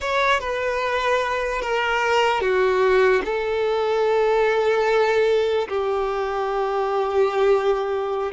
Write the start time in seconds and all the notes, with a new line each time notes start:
0.00 C#5
0.40 B4
1.61 A#4
2.40 F#4
3.24 A4
5.68 G4